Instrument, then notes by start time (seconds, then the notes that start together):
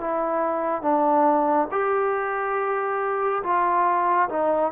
trombone
0.00 E4
0.82 D4
1.71 G4
3.43 F4
4.29 D#4